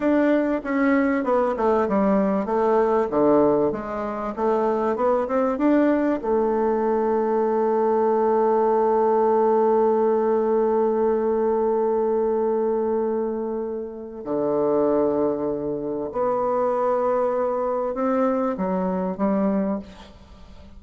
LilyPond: \new Staff \with { instrumentName = "bassoon" } { \time 4/4 \tempo 4 = 97 d'4 cis'4 b8 a8 g4 | a4 d4 gis4 a4 | b8 c'8 d'4 a2~ | a1~ |
a1~ | a2. d4~ | d2 b2~ | b4 c'4 fis4 g4 | }